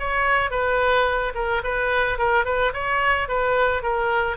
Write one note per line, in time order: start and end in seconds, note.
0.00 0.51 C#5
0.51 1.34 B4
1.35 1.62 A#4
1.64 2.18 B4
2.18 2.45 A#4
2.45 2.73 B4
2.74 3.29 C#5
3.29 3.83 B4
3.83 4.37 A#4